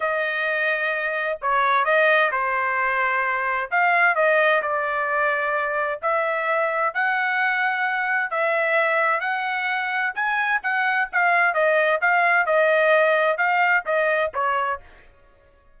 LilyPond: \new Staff \with { instrumentName = "trumpet" } { \time 4/4 \tempo 4 = 130 dis''2. cis''4 | dis''4 c''2. | f''4 dis''4 d''2~ | d''4 e''2 fis''4~ |
fis''2 e''2 | fis''2 gis''4 fis''4 | f''4 dis''4 f''4 dis''4~ | dis''4 f''4 dis''4 cis''4 | }